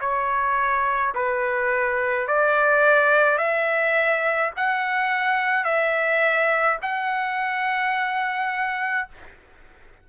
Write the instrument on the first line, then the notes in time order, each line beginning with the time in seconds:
trumpet
0.00 C#5
1.14 B4
2.27 D5
3.38 E5
4.56 F#5
5.64 E5
6.82 F#5